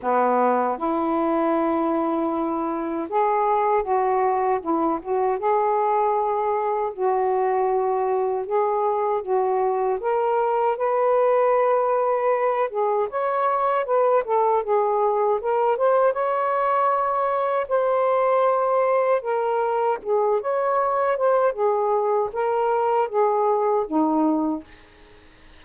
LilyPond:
\new Staff \with { instrumentName = "saxophone" } { \time 4/4 \tempo 4 = 78 b4 e'2. | gis'4 fis'4 e'8 fis'8 gis'4~ | gis'4 fis'2 gis'4 | fis'4 ais'4 b'2~ |
b'8 gis'8 cis''4 b'8 a'8 gis'4 | ais'8 c''8 cis''2 c''4~ | c''4 ais'4 gis'8 cis''4 c''8 | gis'4 ais'4 gis'4 dis'4 | }